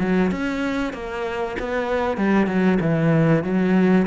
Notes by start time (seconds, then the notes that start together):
0.00 F#3
0.31 C#4
0.93 A#3
1.59 B3
2.17 G3
2.47 F#3
2.80 E3
3.44 F#3